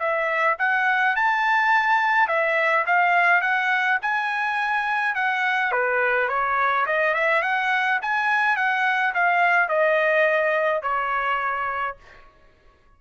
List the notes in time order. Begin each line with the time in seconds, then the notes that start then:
0.00 E5
0.59 F#5
1.16 A5
2.29 E5
2.86 F5
3.42 F#5
4.02 G#5
5.16 F#5
5.72 B4
6.29 C#5
6.87 D#5
7.15 E5
7.43 F#5
8.02 G#5
8.57 F#5
9.15 F5
9.69 D#5
10.83 C#5